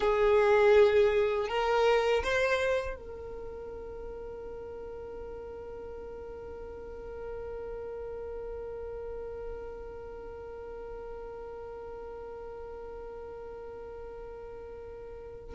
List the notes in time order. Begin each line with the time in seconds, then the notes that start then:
0.00 G#4
1.48 A#4
2.23 C5
2.96 A#4